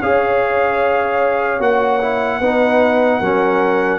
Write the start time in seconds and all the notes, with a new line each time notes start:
0.00 C#4 G#4 C#5 F5
1.60 A#3 F#4 F#5
2.01 E4
2.40 B3 D#4 B4
3.19 F#3 C#4 A#4